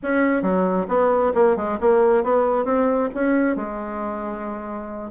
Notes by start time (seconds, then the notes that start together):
0.02 C#4
0.42 F#3
0.88 B3
1.34 A#3
1.56 G#3
1.80 A#3
2.23 B3
2.64 C4
3.14 C#4
3.56 G#3